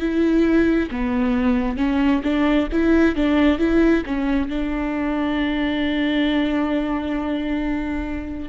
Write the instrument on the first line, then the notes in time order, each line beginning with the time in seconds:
viola
0.00 E4
0.91 B3
1.77 C#4
2.24 D4
2.73 E4
3.16 D4
3.59 E4
4.06 C#4
4.49 D4